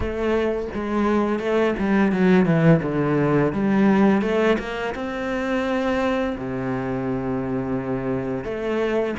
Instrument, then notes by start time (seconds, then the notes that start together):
cello
0.00 A3
0.74 G#3
1.39 A3
1.78 G3
2.12 F#3
2.45 E3
2.82 D3
3.53 G3
4.21 A3
4.59 A#3
4.94 C4
6.37 C3
8.44 A3